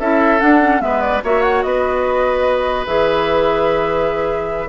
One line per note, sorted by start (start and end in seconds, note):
0.00 0.41 C#4
0.00 0.39 E4
0.00 0.82 A4
0.00 0.40 E5
0.39 0.60 D4
0.39 0.81 D4
0.39 0.81 F#5
0.60 0.80 C#4
0.80 1.22 G#3
0.80 1.21 B3
0.80 1.24 B4
0.80 1.02 E5
1.02 1.22 D5
1.24 1.65 A#3
1.24 2.87 F#4
1.24 1.65 C#5
1.24 1.42 E5
1.42 1.63 F#5
1.63 2.87 B3
1.63 4.69 B4
1.63 2.85 D#5
2.87 4.69 E3
2.87 4.69 G#4
2.87 4.69 E5